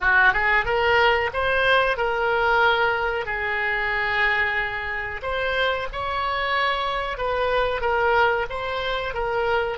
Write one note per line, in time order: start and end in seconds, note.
0.00 0.33 F#4
0.33 0.65 G#4
0.65 1.30 A#4
1.33 1.97 C5
1.97 3.25 A#4
3.25 5.21 G#4
5.22 5.87 C5
5.92 7.17 C#5
7.17 7.81 B4
7.81 8.46 A#4
8.49 9.14 C5
9.14 9.77 A#4